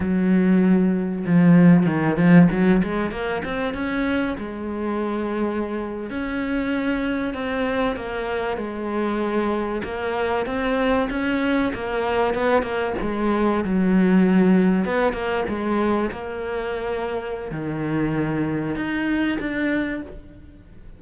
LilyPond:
\new Staff \with { instrumentName = "cello" } { \time 4/4 \tempo 4 = 96 fis2 f4 dis8 f8 | fis8 gis8 ais8 c'8 cis'4 gis4~ | gis4.~ gis16 cis'2 c'16~ | c'8. ais4 gis2 ais16~ |
ais8. c'4 cis'4 ais4 b16~ | b16 ais8 gis4 fis2 b16~ | b16 ais8 gis4 ais2~ ais16 | dis2 dis'4 d'4 | }